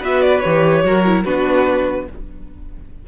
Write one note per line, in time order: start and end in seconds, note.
0.00 0.42 B3
0.00 0.42 F#4
0.00 0.82 B4
0.00 0.22 E5
0.22 0.40 D5
0.40 0.83 E3
0.40 0.84 G4
0.40 1.22 C#5
0.83 1.24 F#3
0.83 1.05 F#4
0.83 1.25 A#4
1.05 1.25 E4
1.24 2.08 B3
1.24 2.07 D4
1.24 2.06 F#4
1.24 2.06 B4